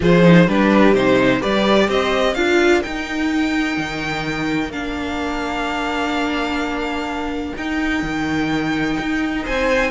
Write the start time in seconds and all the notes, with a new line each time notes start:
0.00 F3 F4 G#4 C5
0.22 D#4
0.47 G3 D4 G4 B4
0.93 C3 D#4 C5
1.39 G3 G4 B4 D5
1.88 C4 C5 D#5
2.34 D4 F4 A#4 F5
2.82 D#4 G5
3.77 D#3
4.69 A#3 D4 F5
7.57 D#4 G5
8.02 D#3
8.99 D#4
9.43 C4 C5 G#5